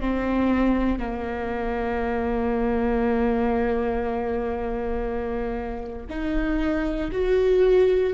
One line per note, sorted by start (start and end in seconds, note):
0.00 0.98 C4
0.98 6.07 A#3
6.09 7.11 D#4
7.11 8.13 F#4